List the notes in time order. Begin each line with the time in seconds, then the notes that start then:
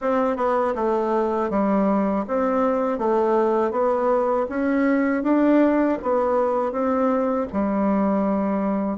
0.01 C4
0.36 B3
0.75 A3
1.50 G3
2.27 C4
2.98 A3
3.71 B3
4.49 C#4
5.23 D4
6.02 B3
6.71 C4
7.52 G3